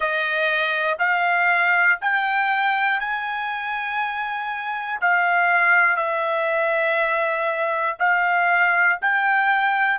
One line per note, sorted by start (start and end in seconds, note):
0.00 0.97 D#5
0.99 1.99 F5
2.01 3.00 G5
3.00 5.00 G#5
5.00 5.96 F5
5.96 7.96 E5
7.99 8.99 F5
9.01 9.98 G5